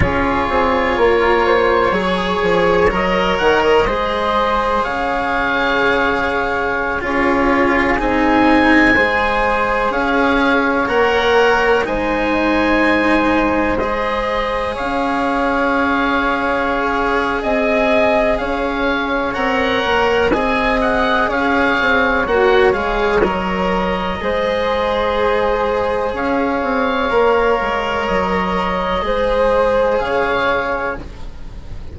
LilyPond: <<
  \new Staff \with { instrumentName = "oboe" } { \time 4/4 \tempo 4 = 62 cis''2. dis''8 fis''16 dis''16~ | dis''4 f''2~ f''16 cis''8.~ | cis''16 gis''2 f''4 fis''8.~ | fis''16 gis''2 dis''4 f''8.~ |
f''2 gis''4 f''4 | fis''4 gis''8 fis''8 f''4 fis''8 f''8 | dis''2. f''4~ | f''4 dis''2 f''4 | }
  \new Staff \with { instrumentName = "flute" } { \time 4/4 gis'4 ais'8 c''8 cis''2 | c''4 cis''2~ cis''16 gis'8.~ | gis'4~ gis'16 c''4 cis''4.~ cis''16~ | cis''16 c''2. cis''8.~ |
cis''2 dis''4 cis''4~ | cis''4 dis''4 cis''2~ | cis''4 c''2 cis''4~ | cis''2 c''4 cis''4 | }
  \new Staff \with { instrumentName = "cello" } { \time 4/4 f'2 gis'4 ais'4 | gis'2.~ gis'16 f'8.~ | f'16 dis'4 gis'2 ais'8.~ | ais'16 dis'2 gis'4.~ gis'16~ |
gis'1 | ais'4 gis'2 fis'8 gis'8 | ais'4 gis'2. | ais'2 gis'2 | }
  \new Staff \with { instrumentName = "bassoon" } { \time 4/4 cis'8 c'8 ais4 fis8 f8 fis8 dis8 | gis4 cis2~ cis16 cis'8.~ | cis'16 c'4 gis4 cis'4 ais8.~ | ais16 gis2. cis'8.~ |
cis'2 c'4 cis'4 | c'8 ais8 c'4 cis'8 c'8 ais8 gis8 | fis4 gis2 cis'8 c'8 | ais8 gis8 fis4 gis4 cis4 | }
>>